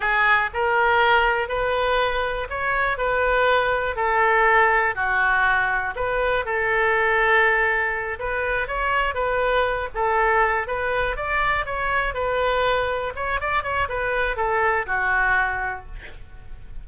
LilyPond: \new Staff \with { instrumentName = "oboe" } { \time 4/4 \tempo 4 = 121 gis'4 ais'2 b'4~ | b'4 cis''4 b'2 | a'2 fis'2 | b'4 a'2.~ |
a'8 b'4 cis''4 b'4. | a'4. b'4 d''4 cis''8~ | cis''8 b'2 cis''8 d''8 cis''8 | b'4 a'4 fis'2 | }